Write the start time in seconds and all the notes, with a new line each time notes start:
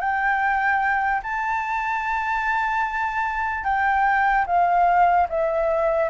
0.00 G5
1.23 A5
3.64 G5
4.47 F5
5.29 E5